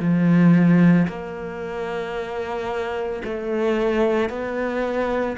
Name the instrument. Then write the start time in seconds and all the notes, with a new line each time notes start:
cello
0.00 F3
1.08 A#3
3.24 A3
4.30 B3